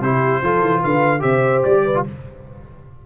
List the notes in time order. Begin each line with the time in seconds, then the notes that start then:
0.00 C3 E4 G4 C5
0.42 F3 F4 A4
0.61 E3
0.81 D3 B4 F5
1.20 C3 G4 C5 E5
1.64 G3 D5
1.85 B4
1.94 F4